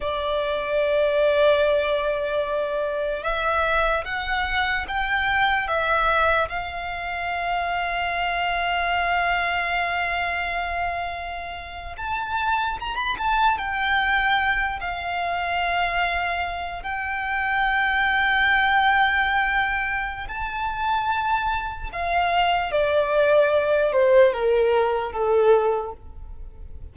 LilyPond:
\new Staff \with { instrumentName = "violin" } { \time 4/4 \tempo 4 = 74 d''1 | e''4 fis''4 g''4 e''4 | f''1~ | f''2~ f''8. a''4 ais''16 |
b''16 a''8 g''4. f''4.~ f''16~ | f''8. g''2.~ g''16~ | g''4 a''2 f''4 | d''4. c''8 ais'4 a'4 | }